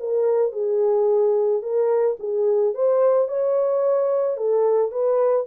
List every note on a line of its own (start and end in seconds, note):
0.00 0.52 A#4
0.52 1.62 G#4
1.62 2.17 A#4
2.20 2.74 G#4
2.74 3.29 C5
3.29 4.37 C#5
4.37 4.91 A4
4.91 5.46 B4